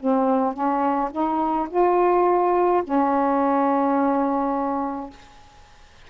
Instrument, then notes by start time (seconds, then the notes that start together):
saxophone
0.00 C4
0.54 C#4
1.12 D#4
1.70 F4
2.85 C#4